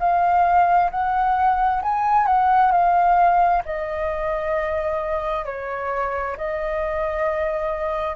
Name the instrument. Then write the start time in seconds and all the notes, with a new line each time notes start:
flute
0.00 F5
0.91 F#5
1.83 G#5
2.27 F#5
2.72 F5
3.66 D#5
5.46 C#5
6.38 D#5